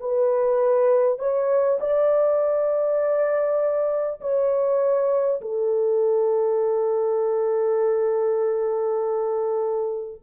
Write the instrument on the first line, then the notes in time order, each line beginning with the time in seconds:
horn
0.00 B4
1.18 C#5
1.80 D5
4.20 C#5
5.41 A4